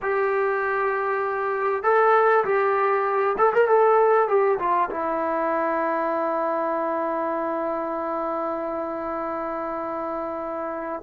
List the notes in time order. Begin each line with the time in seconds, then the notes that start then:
0.02 G4
1.83 A4
2.44 G4
3.38 A4
3.53 A#4
3.67 A4
4.27 G4
4.59 F4
4.90 E4